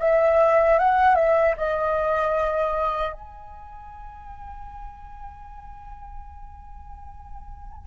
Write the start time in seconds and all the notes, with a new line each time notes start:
0.00 E5
0.79 F#5
1.16 E5
1.58 D#5
3.13 G#5